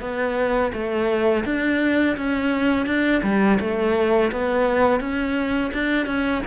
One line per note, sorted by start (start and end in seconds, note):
0.00 0.71 B3
0.72 1.44 A3
1.45 2.16 D4
2.17 2.86 C#4
2.86 3.21 D4
3.22 3.58 G3
3.60 4.31 A3
4.31 5.00 B3
5.00 5.71 C#4
5.73 6.06 D4
6.06 6.42 C#4